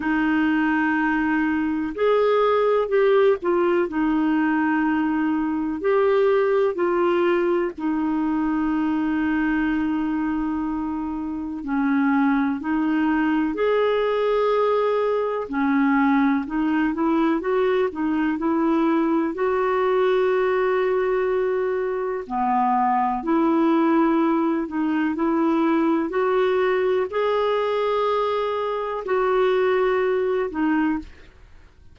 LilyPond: \new Staff \with { instrumentName = "clarinet" } { \time 4/4 \tempo 4 = 62 dis'2 gis'4 g'8 f'8 | dis'2 g'4 f'4 | dis'1 | cis'4 dis'4 gis'2 |
cis'4 dis'8 e'8 fis'8 dis'8 e'4 | fis'2. b4 | e'4. dis'8 e'4 fis'4 | gis'2 fis'4. dis'8 | }